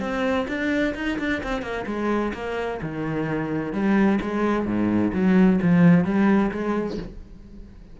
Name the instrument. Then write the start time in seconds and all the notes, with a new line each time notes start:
cello
0.00 C4
0.48 D4
0.95 D#4
1.19 D4
1.43 C4
1.62 A#3
1.86 G#3
2.34 A#3
2.82 D#3
3.73 G3
4.21 G#3
4.65 G#2
5.13 F#3
5.62 F3
6.04 G3
6.51 G#3